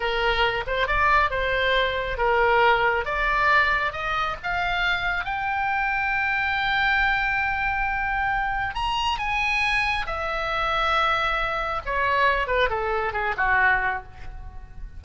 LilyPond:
\new Staff \with { instrumentName = "oboe" } { \time 4/4 \tempo 4 = 137 ais'4. c''8 d''4 c''4~ | c''4 ais'2 d''4~ | d''4 dis''4 f''2 | g''1~ |
g''1 | ais''4 gis''2 e''4~ | e''2. cis''4~ | cis''8 b'8 a'4 gis'8 fis'4. | }